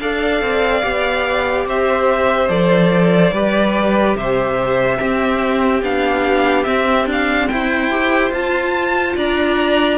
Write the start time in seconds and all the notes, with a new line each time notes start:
0.00 D4 A4 D5 F5
0.41 C4
0.82 B3 G4
1.66 C4 C5 E5
2.49 F3 A4 D5
3.32 G3 G4 B4
4.15 C3 C5 E5
4.97 C4 G4
5.83 B3 D4 F5
6.64 C4 E5
7.06 D4 F5
7.48 E4 C5 G5
7.90 G4
8.31 F4 A5
9.16 D4 D5 A#5